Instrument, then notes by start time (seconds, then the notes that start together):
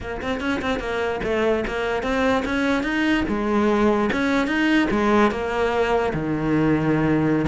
cello
0.01 A#3
0.22 C4
0.40 C#4
0.61 C4
0.79 A#3
1.23 A3
1.67 A#3
2.02 C4
2.45 C#4
2.83 D#4
3.28 G#3
4.12 C#4
4.47 D#4
4.90 G#3
5.31 A#3
6.13 D#3